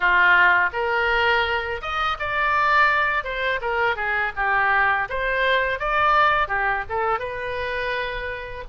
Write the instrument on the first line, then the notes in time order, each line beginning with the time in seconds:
oboe
0.00 F4
0.72 A#4
1.81 D#5
2.19 D5
3.23 C5
3.61 A#4
3.96 G#4
4.36 G4
5.09 C5
5.79 D5
6.48 G4
6.89 A4
7.19 B4